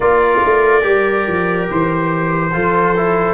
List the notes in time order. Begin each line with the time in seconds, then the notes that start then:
0.00 A#3 F4 A#4 D5
0.44 A3
0.82 G3 G4
1.27 F3
1.70 E3 C5
2.52 F3 F4 A4
2.96 E4